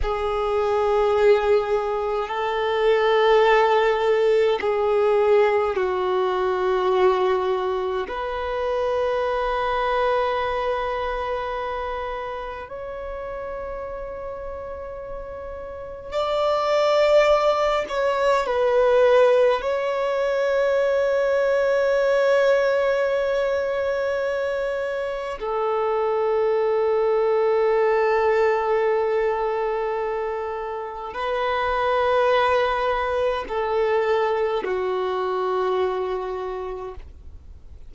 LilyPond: \new Staff \with { instrumentName = "violin" } { \time 4/4 \tempo 4 = 52 gis'2 a'2 | gis'4 fis'2 b'4~ | b'2. cis''4~ | cis''2 d''4. cis''8 |
b'4 cis''2.~ | cis''2 a'2~ | a'2. b'4~ | b'4 a'4 fis'2 | }